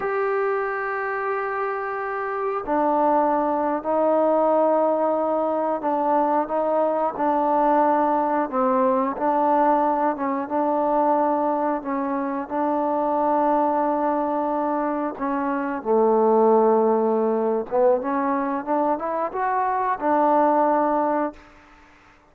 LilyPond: \new Staff \with { instrumentName = "trombone" } { \time 4/4 \tempo 4 = 90 g'1 | d'4.~ d'16 dis'2~ dis'16~ | dis'8. d'4 dis'4 d'4~ d'16~ | d'8. c'4 d'4. cis'8 d'16~ |
d'4.~ d'16 cis'4 d'4~ d'16~ | d'2~ d'8. cis'4 a16~ | a2~ a8 b8 cis'4 | d'8 e'8 fis'4 d'2 | }